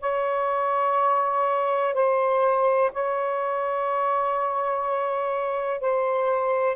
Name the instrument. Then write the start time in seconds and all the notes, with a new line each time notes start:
saxophone
0.00 C#5
1.94 C5
2.93 C#5
5.80 C5